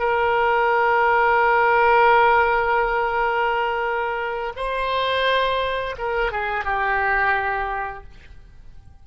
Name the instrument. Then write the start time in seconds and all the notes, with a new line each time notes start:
oboe
0.00 A#4
4.57 C5
5.98 A#4
6.32 G#4
6.65 G4